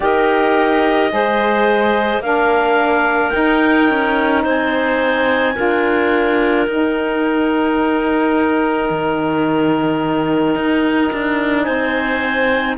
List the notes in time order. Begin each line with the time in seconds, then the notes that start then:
0.00 D#4 G4 A#4 D#5
1.10 G#3 G#4 C5
2.19 A#3 D4 A#4 F5
3.30 D#4 G5
3.36 D#4
3.89 C#4
4.42 C4 C5 G#5
5.54 D4 F4 A#4
6.66 D#4 G5
8.89 D#3
10.55 D#4
11.12 D4
11.63 C4 C5 G#5